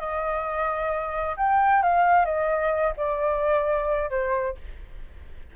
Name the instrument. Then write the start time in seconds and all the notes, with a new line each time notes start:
flute
0.00 D#5
1.37 G5
1.83 F5
2.26 D#5
2.97 D5
4.10 C5